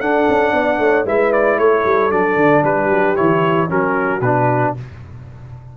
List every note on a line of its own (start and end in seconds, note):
0.00 1.05 D4
0.00 0.27 D4
0.00 0.53 A4
0.00 1.05 F#5
0.28 0.53 C#4
0.53 0.78 B3
0.53 0.79 D5
0.78 1.05 A3
0.78 1.05 C#5
1.05 1.58 G#3
1.05 2.11 E4
1.05 1.58 B4
1.05 1.32 E5
1.32 1.58 D5
1.58 1.85 A3
1.58 2.63 A4
1.58 2.11 C#5
1.85 2.11 G3
2.11 2.36 F#3
2.11 3.16 D4
2.11 2.63 D5
2.36 2.62 D3
2.63 2.90 G3
2.63 3.69 G4
2.63 3.16 B4
2.90 3.16 F#3
3.16 3.71 E3
3.16 3.68 E4
3.16 3.68 C#5
3.68 4.21 F#3
3.68 4.20 C#4
3.68 4.74 F#4
3.68 4.21 A#4
4.21 4.73 B2
4.21 4.76 D4
4.21 4.74 B4